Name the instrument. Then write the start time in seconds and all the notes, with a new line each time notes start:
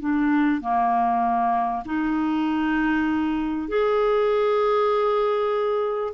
clarinet
0.00 D4
0.62 A#3
1.86 D#4
3.69 G#4